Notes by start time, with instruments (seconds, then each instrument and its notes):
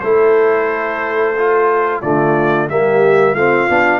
0.00 tuba A3, trombone E4, horn A4, trumpet C5
1.38 trombone F4
2.01 tuba D3, trombone A3, horn F4, trumpet D5
2.69 tuba G3, trombone A#3, horn G4, trumpet E5
3.34 tuba A3, trombone C4, horn F4, trumpet F5
3.70 tuba B3, trombone D4